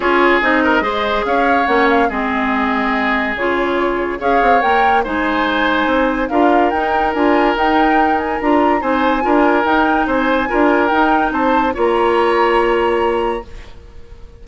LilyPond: <<
  \new Staff \with { instrumentName = "flute" } { \time 4/4 \tempo 4 = 143 cis''4 dis''2 f''4 | fis''8 f''8 dis''2. | cis''2 f''4 g''4 | gis''2. f''4 |
g''4 gis''4 g''4. gis''8 | ais''4 gis''2 g''4 | gis''2 g''4 a''4 | ais''1 | }
  \new Staff \with { instrumentName = "oboe" } { \time 4/4 gis'4. ais'8 c''4 cis''4~ | cis''4 gis'2.~ | gis'2 cis''2 | c''2. ais'4~ |
ais'1~ | ais'4 c''4 ais'2 | c''4 ais'2 c''4 | cis''1 | }
  \new Staff \with { instrumentName = "clarinet" } { \time 4/4 f'4 dis'4 gis'2 | cis'4 c'2. | f'2 gis'4 ais'4 | dis'2. f'4 |
dis'4 f'4 dis'2 | f'4 dis'4 f'4 dis'4~ | dis'4 f'4 dis'2 | f'1 | }
  \new Staff \with { instrumentName = "bassoon" } { \time 4/4 cis'4 c'4 gis4 cis'4 | ais4 gis2. | cis2 cis'8 c'8 ais4 | gis2 c'4 d'4 |
dis'4 d'4 dis'2 | d'4 c'4 d'4 dis'4 | c'4 d'4 dis'4 c'4 | ais1 | }
>>